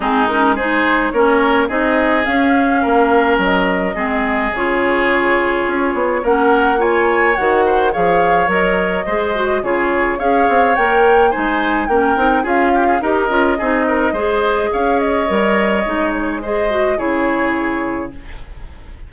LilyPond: <<
  \new Staff \with { instrumentName = "flute" } { \time 4/4 \tempo 4 = 106 gis'8 ais'8 c''4 cis''4 dis''4 | f''2 dis''2 | cis''2. fis''4 | gis''4 fis''4 f''4 dis''4~ |
dis''4 cis''4 f''4 g''4 | gis''4 g''4 f''4 dis''4~ | dis''2 f''8 dis''4.~ | dis''8 cis''8 dis''4 cis''2 | }
  \new Staff \with { instrumentName = "oboe" } { \time 4/4 dis'4 gis'4 ais'4 gis'4~ | gis'4 ais'2 gis'4~ | gis'2. ais'4 | cis''4. c''8 cis''2 |
c''4 gis'4 cis''2 | c''4 ais'4 gis'8 g'16 gis'16 ais'4 | gis'8 ais'8 c''4 cis''2~ | cis''4 c''4 gis'2 | }
  \new Staff \with { instrumentName = "clarinet" } { \time 4/4 c'8 cis'8 dis'4 cis'4 dis'4 | cis'2. c'4 | f'2. cis'4 | f'4 fis'4 gis'4 ais'4 |
gis'8 fis'8 f'4 gis'4 ais'4 | dis'4 cis'8 dis'8 f'4 g'8 f'8 | dis'4 gis'2 ais'4 | dis'4 gis'8 fis'8 e'2 | }
  \new Staff \with { instrumentName = "bassoon" } { \time 4/4 gis2 ais4 c'4 | cis'4 ais4 fis4 gis4 | cis2 cis'8 b8 ais4~ | ais4 dis4 f4 fis4 |
gis4 cis4 cis'8 c'8 ais4 | gis4 ais8 c'8 cis'4 dis'8 cis'8 | c'4 gis4 cis'4 g4 | gis2 cis2 | }
>>